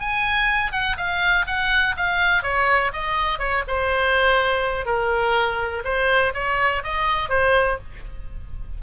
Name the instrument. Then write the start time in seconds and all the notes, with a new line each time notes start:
oboe
0.00 G#5
0.73 F#5
0.98 F5
1.47 F#5
1.97 F5
2.43 C#5
2.93 D#5
3.39 C#5
3.68 C5
4.86 A#4
5.85 C5
6.35 C#5
6.84 D#5
7.30 C5